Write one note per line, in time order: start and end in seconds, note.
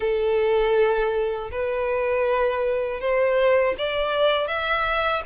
0.00 1.50 A4
1.51 3.00 B4
3.00 3.75 C5
3.78 4.47 D5
4.47 5.22 E5